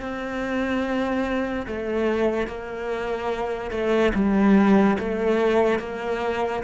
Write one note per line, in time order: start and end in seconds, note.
0.00 1.67 C4
1.67 2.48 A3
2.48 3.71 A#3
3.71 4.13 A3
4.15 4.98 G3
4.99 5.80 A3
5.80 6.63 A#3